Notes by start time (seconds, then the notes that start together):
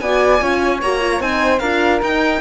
0.00 B3 F#4 D5 G#5
0.40 C#4 F4 C#5
0.82 A#3 F#4 A#5
1.01 F4
1.20 C4 D#4 C5 G#5
1.59 D4 F4 A#4 F5
2.02 D#4 G5